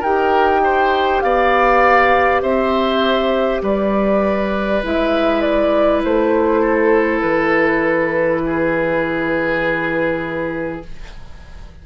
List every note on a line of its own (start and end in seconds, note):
0.00 1.23 D#4
0.00 4.82 G4
0.00 0.60 A#4
0.00 1.22 G5
0.64 1.24 C5
1.22 2.42 B3
1.22 2.43 D5
1.22 2.42 F5
2.42 3.62 C4
2.42 3.62 C5
2.42 3.62 E5
3.62 4.82 G3
3.62 6.62 B4
3.62 4.83 D5
4.83 6.04 G#3
4.83 10.83 E4
4.83 5.42 E5
5.42 6.02 D5
6.04 7.23 A3
6.04 7.21 C5
6.62 8.42 A4
7.21 10.83 E3
7.21 10.81 B4
8.46 10.86 G#4